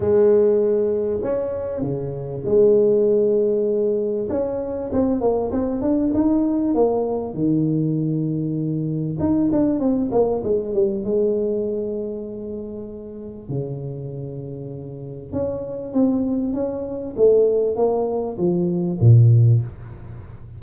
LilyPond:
\new Staff \with { instrumentName = "tuba" } { \time 4/4 \tempo 4 = 98 gis2 cis'4 cis4 | gis2. cis'4 | c'8 ais8 c'8 d'8 dis'4 ais4 | dis2. dis'8 d'8 |
c'8 ais8 gis8 g8 gis2~ | gis2 cis2~ | cis4 cis'4 c'4 cis'4 | a4 ais4 f4 ais,4 | }